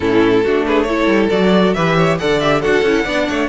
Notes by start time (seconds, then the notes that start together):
0.00 A2 C#4 E4 A4
0.44 A3 D4 F#4
0.66 G#4 B4
0.83 E4 A4 C#5
1.06 G3
1.29 F#3 F#4 D5
1.73 E3 G4 B4 E5
1.96 C#5
2.18 D3 A4 D5 F#5
2.40 G4 E5
2.61 D4 F#4 A4 F#5
2.82 C#4 E4
3.04 B3 D4 D5
3.29 A3 C#5